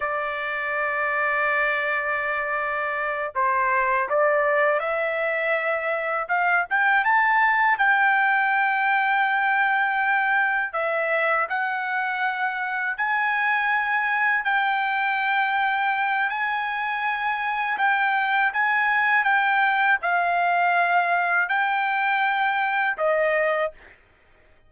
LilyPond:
\new Staff \with { instrumentName = "trumpet" } { \time 4/4 \tempo 4 = 81 d''1~ | d''8 c''4 d''4 e''4.~ | e''8 f''8 g''8 a''4 g''4.~ | g''2~ g''8 e''4 fis''8~ |
fis''4. gis''2 g''8~ | g''2 gis''2 | g''4 gis''4 g''4 f''4~ | f''4 g''2 dis''4 | }